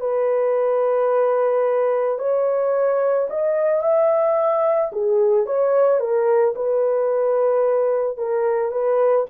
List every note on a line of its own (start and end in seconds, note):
0.00 2.18 B4
2.19 3.28 C#5
3.29 3.82 D#5
3.82 4.91 E5
4.92 5.46 G#4
5.46 6.00 C#5
6.00 6.54 A#4
6.55 8.17 B4
8.17 8.71 A#4
8.71 9.25 B4